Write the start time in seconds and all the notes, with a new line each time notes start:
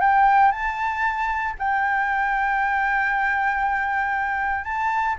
0.00 G5
0.51 A5
1.59 G5
4.64 A5